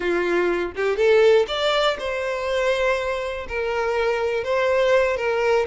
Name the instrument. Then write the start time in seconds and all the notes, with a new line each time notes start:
violin
0.00 F4
0.75 G4
0.96 A4
1.47 D5
1.99 C5
3.48 A#4
4.44 C5
5.16 A#4